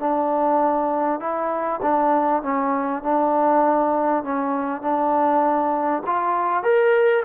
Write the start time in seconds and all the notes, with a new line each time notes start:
0.00 D4
1.20 E4
1.83 D4
2.43 C#4
3.03 D4
4.24 C#4
4.82 D4
6.07 F4
6.64 A#4